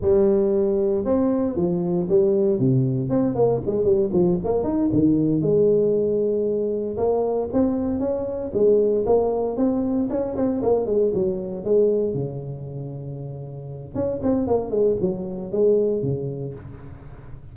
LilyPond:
\new Staff \with { instrumentName = "tuba" } { \time 4/4 \tempo 4 = 116 g2 c'4 f4 | g4 c4 c'8 ais8 gis8 g8 | f8 ais8 dis'8 dis4 gis4.~ | gis4. ais4 c'4 cis'8~ |
cis'8 gis4 ais4 c'4 cis'8 | c'8 ais8 gis8 fis4 gis4 cis8~ | cis2. cis'8 c'8 | ais8 gis8 fis4 gis4 cis4 | }